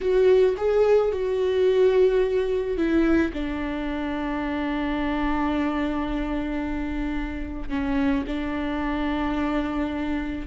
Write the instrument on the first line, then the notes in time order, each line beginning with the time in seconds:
viola
0.00 F#4
0.57 G#4
1.12 F#4
2.77 E4
3.33 D4
7.69 C#4
8.26 D4